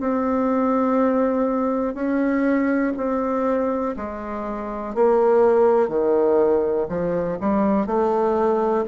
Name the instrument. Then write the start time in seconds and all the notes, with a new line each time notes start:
bassoon
0.00 C4
1.94 C#4
2.96 C4
3.96 G#3
4.94 A#3
5.88 D#3
6.89 F3
7.40 G3
7.86 A3